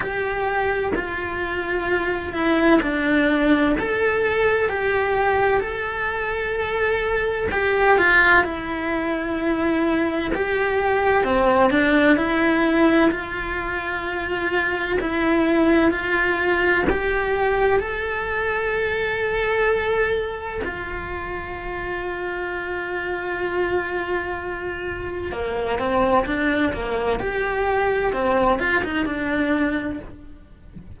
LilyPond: \new Staff \with { instrumentName = "cello" } { \time 4/4 \tempo 4 = 64 g'4 f'4. e'8 d'4 | a'4 g'4 a'2 | g'8 f'8 e'2 g'4 | c'8 d'8 e'4 f'2 |
e'4 f'4 g'4 a'4~ | a'2 f'2~ | f'2. ais8 c'8 | d'8 ais8 g'4 c'8 f'16 dis'16 d'4 | }